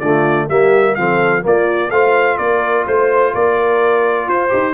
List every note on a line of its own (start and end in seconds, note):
0.00 0.48 D3
0.00 0.50 A3
0.00 0.48 F4
0.00 0.47 D5
0.49 0.97 G3
0.49 0.97 A#3
0.49 0.96 G4
0.49 0.95 E5
0.95 1.45 F3
0.95 1.42 C4
0.95 1.44 A4
0.95 1.43 F5
1.42 1.90 A#3
1.42 1.91 A#3
1.42 1.91 F4
1.42 1.91 D5
1.91 2.38 A3
1.91 4.49 F4
1.91 2.38 C5
1.91 2.38 F5
2.38 2.86 A#3
2.38 2.86 A#4
2.38 2.85 D5
2.87 3.34 A3
2.87 3.34 C5
2.87 3.35 C5
3.34 4.28 A#3
3.34 4.29 A#4
3.34 4.29 D5
4.28 4.51 F4
4.28 4.75 C5
4.49 4.75 D#4
4.49 4.73 G4